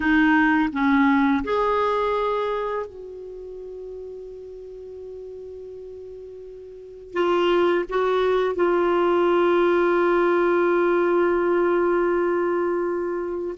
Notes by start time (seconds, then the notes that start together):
0.00 D#4
0.72 C#4
1.44 G#4
2.86 F#4
7.13 F4
7.89 F#4
8.55 F4